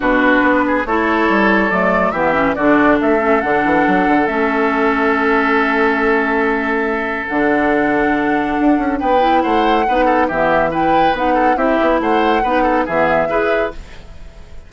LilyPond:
<<
  \new Staff \with { instrumentName = "flute" } { \time 4/4 \tempo 4 = 140 b'2 cis''2 | d''4 e''4 d''4 e''4 | fis''2 e''2~ | e''1~ |
e''4 fis''2.~ | fis''4 g''4 fis''2 | e''4 g''4 fis''4 e''4 | fis''2 e''2 | }
  \new Staff \with { instrumentName = "oboe" } { \time 4/4 fis'4. gis'8 a'2~ | a'4 g'4 fis'4 a'4~ | a'1~ | a'1~ |
a'1~ | a'4 b'4 c''4 b'8 a'8 | g'4 b'4. a'8 g'4 | c''4 b'8 a'8 gis'4 b'4 | }
  \new Staff \with { instrumentName = "clarinet" } { \time 4/4 d'2 e'2 | a4 b8 cis'8 d'4. cis'8 | d'2 cis'2~ | cis'1~ |
cis'4 d'2.~ | d'4. e'4. dis'4 | b4 e'4 dis'4 e'4~ | e'4 dis'4 b4 gis'4 | }
  \new Staff \with { instrumentName = "bassoon" } { \time 4/4 b,4 b4 a4 g4 | fis4 e4 d4 a4 | d8 e8 fis8 d8 a2~ | a1~ |
a4 d2. | d'8 cis'8 b4 a4 b4 | e2 b4 c'8 b8 | a4 b4 e4 e'4 | }
>>